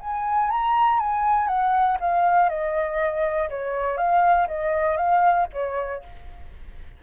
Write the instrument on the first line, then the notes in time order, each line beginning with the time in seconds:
flute
0.00 G#5
0.50 A#5
0.99 G#5
1.48 F#5
2.00 F5
2.49 D#5
3.50 C#5
3.97 F5
4.48 D#5
4.97 F5
5.53 C#5